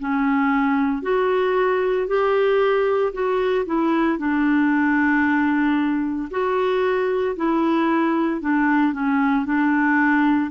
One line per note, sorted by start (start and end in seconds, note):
0.00 1.02 C#4
1.02 2.08 F#4
2.08 3.13 G4
3.13 3.66 F#4
3.66 4.19 E4
4.19 6.29 D4
6.31 7.36 F#4
7.36 8.41 E4
8.41 8.93 D4
8.93 9.45 C#4
9.45 10.51 D4